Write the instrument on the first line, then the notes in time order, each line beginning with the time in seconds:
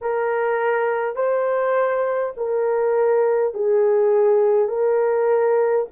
horn
0.01 A#4
1.15 C5
2.36 A#4
3.53 G#4
4.68 A#4